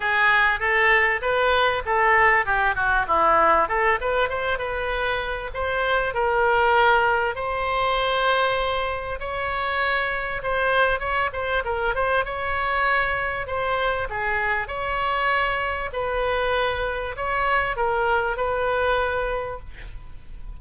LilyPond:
\new Staff \with { instrumentName = "oboe" } { \time 4/4 \tempo 4 = 98 gis'4 a'4 b'4 a'4 | g'8 fis'8 e'4 a'8 b'8 c''8 b'8~ | b'4 c''4 ais'2 | c''2. cis''4~ |
cis''4 c''4 cis''8 c''8 ais'8 c''8 | cis''2 c''4 gis'4 | cis''2 b'2 | cis''4 ais'4 b'2 | }